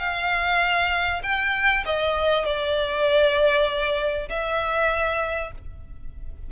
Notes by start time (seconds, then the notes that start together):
0.00 F5
1.23 G5
1.86 D#5
2.45 D5
4.30 E5